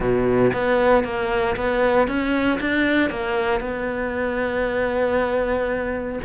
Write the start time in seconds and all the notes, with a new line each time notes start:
0.00 B2
0.53 B3
1.04 A#3
1.56 B3
2.07 C#4
2.60 D4
3.10 A#3
3.60 B3